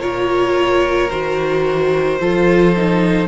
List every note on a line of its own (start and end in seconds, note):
0.00 1.10 A#2
0.00 1.09 F4
0.00 2.19 A#4
0.00 1.10 C#5
1.10 2.20 D#3
1.10 2.20 F#4
1.10 3.28 C5
2.20 3.28 F3
2.20 2.75 F4
2.20 3.28 A4
2.76 3.28 D#4